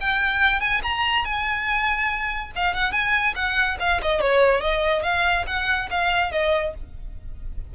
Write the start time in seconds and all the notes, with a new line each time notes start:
0.00 G5
0.60 G#5
0.83 A#5
1.24 G#5
2.55 F5
2.74 F#5
2.92 G#5
3.35 F#5
3.80 F5
4.02 D#5
4.21 C#5
4.60 D#5
5.03 F5
5.47 F#5
5.90 F5
6.31 D#5